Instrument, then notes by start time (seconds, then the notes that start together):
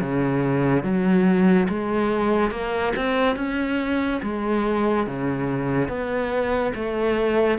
cello
0.00 C#3
0.83 F#3
1.69 G#3
2.51 A#3
2.96 C4
3.36 C#4
4.22 G#3
5.07 C#3
5.88 B3
6.75 A3